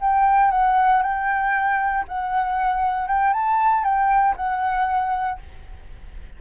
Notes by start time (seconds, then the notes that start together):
0.00 G5
0.51 F#5
1.02 G5
2.08 F#5
3.07 G5
3.33 A5
3.83 G5
4.36 F#5